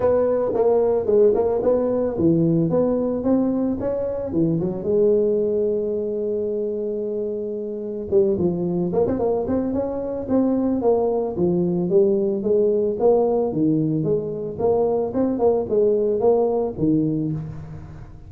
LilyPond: \new Staff \with { instrumentName = "tuba" } { \time 4/4 \tempo 4 = 111 b4 ais4 gis8 ais8 b4 | e4 b4 c'4 cis'4 | e8 fis8 gis2.~ | gis2. g8 f8~ |
f8 ais16 c'16 ais8 c'8 cis'4 c'4 | ais4 f4 g4 gis4 | ais4 dis4 gis4 ais4 | c'8 ais8 gis4 ais4 dis4 | }